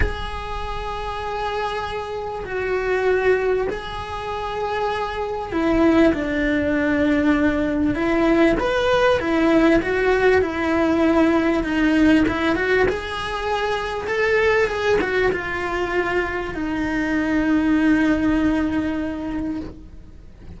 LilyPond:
\new Staff \with { instrumentName = "cello" } { \time 4/4 \tempo 4 = 98 gis'1 | fis'2 gis'2~ | gis'4 e'4 d'2~ | d'4 e'4 b'4 e'4 |
fis'4 e'2 dis'4 | e'8 fis'8 gis'2 a'4 | gis'8 fis'8 f'2 dis'4~ | dis'1 | }